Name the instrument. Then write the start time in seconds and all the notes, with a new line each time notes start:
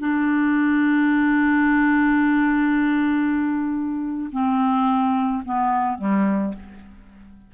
clarinet
0.00 D4
4.33 C4
5.45 B3
5.98 G3